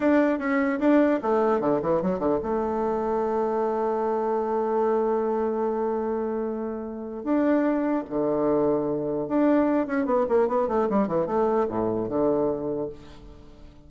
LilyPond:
\new Staff \with { instrumentName = "bassoon" } { \time 4/4 \tempo 4 = 149 d'4 cis'4 d'4 a4 | d8 e8 fis8 d8 a2~ | a1~ | a1~ |
a2 d'2 | d2. d'4~ | d'8 cis'8 b8 ais8 b8 a8 g8 e8 | a4 a,4 d2 | }